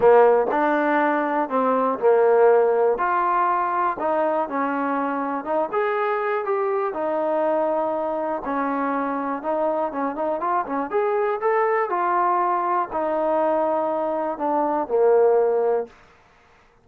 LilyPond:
\new Staff \with { instrumentName = "trombone" } { \time 4/4 \tempo 4 = 121 ais4 d'2 c'4 | ais2 f'2 | dis'4 cis'2 dis'8 gis'8~ | gis'4 g'4 dis'2~ |
dis'4 cis'2 dis'4 | cis'8 dis'8 f'8 cis'8 gis'4 a'4 | f'2 dis'2~ | dis'4 d'4 ais2 | }